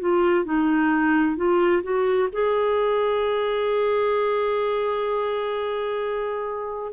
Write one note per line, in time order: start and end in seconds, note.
0.00 0.44 F4
0.44 1.36 D#4
1.36 1.82 F4
1.83 2.29 F#4
2.32 6.92 G#4